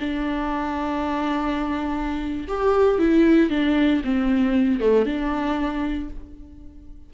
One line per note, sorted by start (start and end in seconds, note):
0.00 2.48 D4
2.48 2.99 G4
2.99 3.50 E4
3.50 4.02 D4
4.04 4.80 C4
4.80 5.06 A3
5.06 6.10 D4